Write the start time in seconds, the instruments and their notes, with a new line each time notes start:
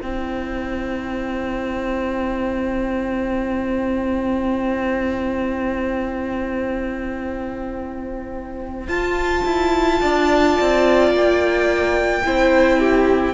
0.00 cello C4, viola E4, violin C5 G5
8.88 cello F4, viola F4, violin A5
9.45 cello E4
10.01 cello D4, violin D5
10.61 cello C4
11.11 cello A#3, violin G5
12.24 cello C4, viola E4, violin C5
12.79 violin G4